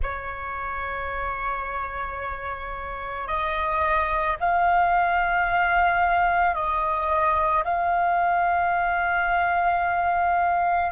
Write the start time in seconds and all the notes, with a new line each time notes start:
0.02 C#5
3.27 D#5
4.40 F5
6.54 D#5
7.64 F5